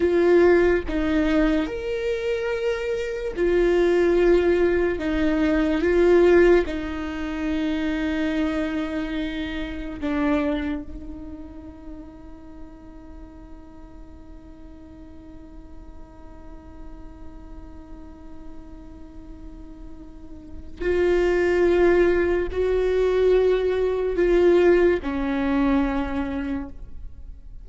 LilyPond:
\new Staff \with { instrumentName = "viola" } { \time 4/4 \tempo 4 = 72 f'4 dis'4 ais'2 | f'2 dis'4 f'4 | dis'1 | d'4 dis'2.~ |
dis'1~ | dis'1~ | dis'4 f'2 fis'4~ | fis'4 f'4 cis'2 | }